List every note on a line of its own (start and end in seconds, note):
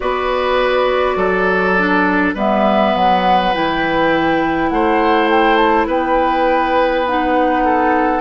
0.00 1.16 B3
0.00 1.75 F#4
0.00 1.17 B4
0.00 2.33 D5
1.16 2.33 F#3
1.16 2.34 A4
1.78 2.35 D4
2.34 2.93 G3
2.34 3.53 B3
2.34 4.69 B4
2.34 2.95 E5
2.95 3.54 F#3
2.95 3.53 F#5
3.53 4.70 E3
3.53 7.06 E4
3.53 4.69 G5
4.69 5.86 A3
4.69 5.87 C5
4.69 5.28 F#5
5.29 5.56 G5
5.56 5.86 A5
5.86 8.21 B3
5.86 7.63 B4
5.86 7.07 G5
7.06 8.21 D#4
7.06 8.21 F#5
7.64 8.21 A4